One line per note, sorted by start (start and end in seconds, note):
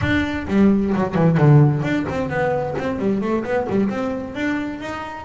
0.01 0.46 D4
0.47 0.93 G3
0.94 1.14 F#3
1.14 1.37 E3
1.37 1.82 D3
1.82 2.05 D4
2.09 2.29 C4
2.29 2.75 B3
2.78 2.98 C4
2.98 3.21 G3
3.21 3.44 A3
3.44 3.67 B3
3.69 3.89 G3
3.89 4.34 C4
4.34 4.80 D4
4.80 5.24 D#4